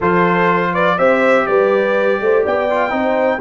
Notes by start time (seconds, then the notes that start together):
0.00 F3 F4 A4 C5
0.73 B4 D5
0.98 C4 G4 C5 E5
1.46 G3 B4 D5
2.20 A3 C5
2.43 B3 D5 G5
2.70 F4
2.90 C4 D#4 C5